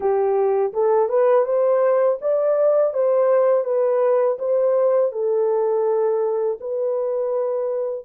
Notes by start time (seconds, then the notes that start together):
0.00 G4
0.73 A4
1.08 B4
1.45 C5
2.21 D5
2.93 C5
3.64 B4
4.38 C5
5.12 A4
6.60 B4